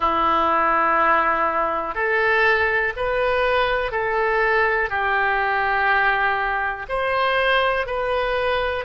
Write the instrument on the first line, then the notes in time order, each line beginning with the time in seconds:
oboe
0.00 E4
1.94 A4
2.96 B4
3.91 A4
4.89 G4
6.89 C5
7.86 B4